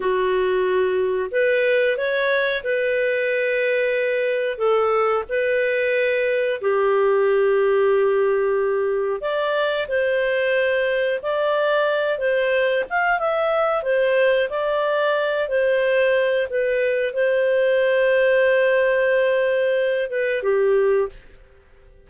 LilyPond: \new Staff \with { instrumentName = "clarinet" } { \time 4/4 \tempo 4 = 91 fis'2 b'4 cis''4 | b'2. a'4 | b'2 g'2~ | g'2 d''4 c''4~ |
c''4 d''4. c''4 f''8 | e''4 c''4 d''4. c''8~ | c''4 b'4 c''2~ | c''2~ c''8 b'8 g'4 | }